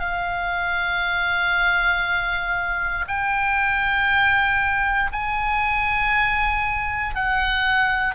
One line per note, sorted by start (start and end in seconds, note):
0.00 3.05 F5
3.08 5.11 G5
5.12 7.15 G#5
7.15 8.15 F#5